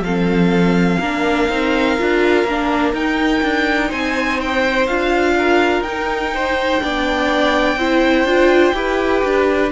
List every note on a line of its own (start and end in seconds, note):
0.00 0.97 F3
0.00 0.99 A4
0.00 2.94 F5
0.06 1.02 C4
0.99 1.48 A#3
0.99 1.50 D4
0.99 3.89 A#4
1.49 1.97 C4
1.49 1.98 D#4
1.98 2.44 D4
1.98 2.46 F4
2.44 2.92 A#3
2.44 2.94 D4
2.93 3.41 D#4
2.93 4.87 D#4
2.93 3.92 G5
3.43 3.91 D4
3.89 4.88 C4
3.89 5.34 C5
3.89 4.40 G#5
4.41 4.86 G5
4.86 5.81 D4
4.86 5.85 F4
4.86 5.82 F5
5.37 6.34 A#4
5.81 6.78 D#4
5.81 9.70 G5
5.88 6.80 D#4
6.34 6.82 C5
6.80 7.76 B3
6.80 7.76 D4
6.80 7.78 D5
7.76 8.24 C4
7.76 8.27 E4
7.76 8.75 C5
8.24 8.72 D4
8.24 8.74 F4
8.74 9.22 E4
8.74 9.71 G4
8.74 9.71 B4
9.24 9.71 D4